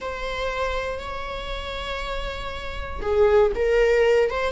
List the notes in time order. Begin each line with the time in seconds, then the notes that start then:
0.00 C5
0.99 C#5
3.01 G#4
3.55 A#4
4.30 C5